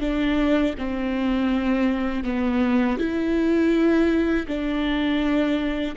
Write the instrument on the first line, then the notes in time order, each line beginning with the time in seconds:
viola
0.00 D4
0.77 C4
2.24 B3
2.98 E4
4.47 D4